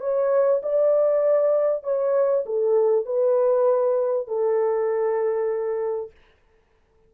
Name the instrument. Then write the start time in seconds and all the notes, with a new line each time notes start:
horn
0.00 C#5
0.62 D5
1.83 C#5
2.45 A4
3.05 B4
4.27 A4